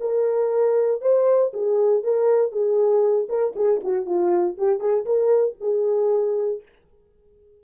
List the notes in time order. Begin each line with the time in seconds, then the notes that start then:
0.00 A#4
1.01 C5
1.53 G#4
2.03 A#4
2.52 G#4
3.29 A#4
3.56 G#4
3.84 F#4
4.06 F4
4.58 G4
4.80 G#4
5.05 A#4
5.61 G#4